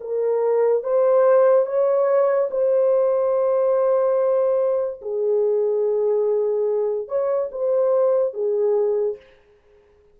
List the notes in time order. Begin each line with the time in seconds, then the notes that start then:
0.00 A#4
0.83 C5
1.66 C#5
2.50 C5
5.01 G#4
7.08 C#5
7.51 C5
8.33 G#4